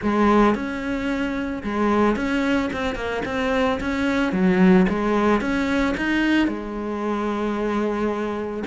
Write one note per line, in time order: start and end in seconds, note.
0.02 0.54 G#3
0.54 1.62 C#4
1.63 2.15 G#3
2.15 2.70 C#4
2.72 2.95 C4
2.95 3.22 A#3
3.25 3.79 C4
3.80 4.32 C#4
4.32 4.86 F#3
4.88 5.41 G#3
5.41 5.95 C#4
5.97 6.47 D#4
6.47 8.63 G#3